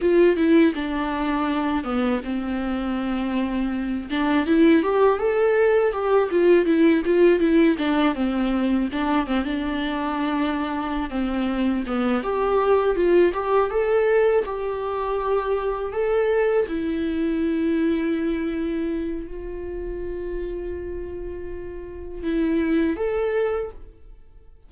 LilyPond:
\new Staff \with { instrumentName = "viola" } { \time 4/4 \tempo 4 = 81 f'8 e'8 d'4. b8 c'4~ | c'4. d'8 e'8 g'8 a'4 | g'8 f'8 e'8 f'8 e'8 d'8 c'4 | d'8 c'16 d'2~ d'16 c'4 |
b8 g'4 f'8 g'8 a'4 g'8~ | g'4. a'4 e'4.~ | e'2 f'2~ | f'2 e'4 a'4 | }